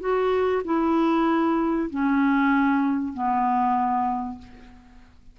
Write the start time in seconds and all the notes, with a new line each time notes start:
0.00 F#4
0.64 E4
1.90 C#4
3.13 B3